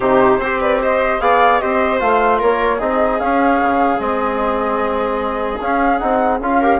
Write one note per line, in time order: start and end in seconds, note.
0.00 0.39 C3
0.00 0.41 D#4
0.00 0.40 G4
0.00 0.59 C5
0.39 1.19 C4
0.39 1.20 G4
0.39 0.60 C5
0.60 0.80 B4
0.60 0.80 D5
0.82 1.22 C5
0.82 1.20 D#5
1.20 1.60 B3
1.20 1.60 G#4
1.20 1.61 D5
1.20 1.59 F5
1.59 2.01 C4
1.59 1.99 G4
1.59 2.39 C5
1.59 1.99 D#5
1.99 2.41 A3
1.99 2.79 F4
1.99 2.40 F5
2.39 2.80 A#3
2.39 2.78 A#4
2.39 2.80 C#5
2.78 3.20 C4
2.78 3.19 D#4
2.78 6.58 G#4
2.78 3.19 D#5
3.19 3.98 C#4
3.19 3.60 C#4
3.19 3.99 F5
3.61 3.99 C#3
3.98 5.59 G#3
3.98 5.58 C4
3.98 5.59 D#5
5.60 6.00 C#4
5.60 5.99 C#4
5.60 5.98 F5
5.98 6.40 C4
5.98 6.39 D#4
5.98 6.38 F#5
6.40 6.80 C#4
6.40 6.62 F4
6.40 6.80 F5
6.60 6.80 G4
6.60 6.80 A#4